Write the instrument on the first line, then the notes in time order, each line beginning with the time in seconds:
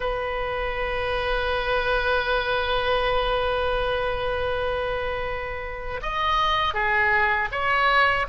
oboe
0.00 B4
6.02 D#5
6.73 G#4
7.51 C#5